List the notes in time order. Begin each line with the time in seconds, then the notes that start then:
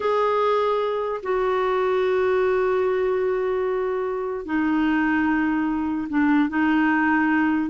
0.00 G#4
1.22 F#4
4.45 D#4
6.09 D4
6.49 D#4